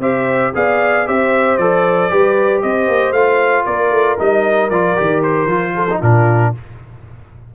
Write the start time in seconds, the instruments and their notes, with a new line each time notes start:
0.00 tuba C4, trombone G4, horn C5, trumpet E5
0.54 tuba B3, trombone G#4, horn D5, trumpet F5
1.06 tuba C4, trombone G4, horn C5, trumpet E5
1.58 tuba F3, trombone A4, trumpet D5
2.11 tuba G3, trombone G4, horn B4
2.62 tuba C4, horn C5, trumpet D#5
2.88 tuba A#3
3.12 tuba A3, trombone F4, trumpet F5
3.65 tuba A#3, horn A#4, trumpet D5
3.91 tuba A3
4.19 tuba G3, trombone D#4, trumpet D#5
4.70 tuba F3, trombone F4, trumpet D5
4.97 tuba D#3, trombone G4
5.23 trumpet C5
5.47 tuba F3, trombone F4
5.75 horn A4
5.91 trombone D#4
5.99 tuba A#2, trombone D4, horn F4, trumpet A#4